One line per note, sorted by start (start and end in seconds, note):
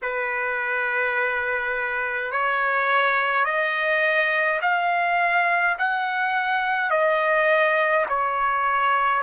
0.02 2.31 B4
2.31 3.44 C#5
3.44 4.59 D#5
4.62 5.77 F5
5.78 6.90 F#5
6.90 8.05 D#5
8.08 9.22 C#5